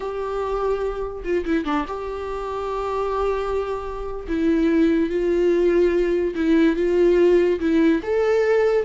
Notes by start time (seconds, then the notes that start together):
0.00 G4
1.24 F4
1.45 E4
1.65 D4
1.87 G4
4.27 E4
5.09 F4
6.35 E4
6.76 F4
7.60 E4
8.02 A4